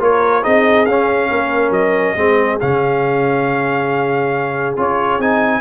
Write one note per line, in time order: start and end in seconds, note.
0.00 0.44 A#3
0.00 0.43 F4
0.00 0.44 A#4
0.00 0.44 C#5
0.43 0.87 C4
0.43 0.86 D#4
0.43 1.30 G#4
0.43 0.86 D#5
0.86 1.30 C#4
0.86 2.17 C#4
0.86 1.72 F5
1.31 1.71 A#3
1.31 2.18 A#4
1.71 2.14 F#3
1.71 2.59 D#5
2.16 2.60 G#3
2.16 2.60 C4
2.16 5.61 G#4
2.61 4.77 C#3
2.61 4.77 C#4
2.61 4.76 F5
4.77 5.19 C#4
4.77 5.20 F4
4.77 5.21 C#5
5.19 5.61 C4
5.19 5.61 D#4
5.19 5.61 G#5